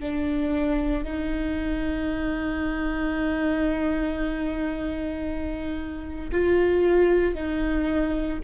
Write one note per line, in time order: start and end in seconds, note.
0.00 1.04 D4
1.04 6.31 D#4
6.33 7.35 F4
7.35 8.40 D#4